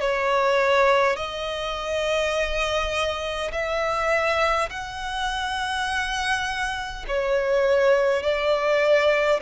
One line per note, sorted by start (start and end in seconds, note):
0.00 1.16 C#5
1.16 3.51 D#5
3.51 4.69 E5
4.70 7.05 F#5
7.07 8.22 C#5
8.22 9.40 D5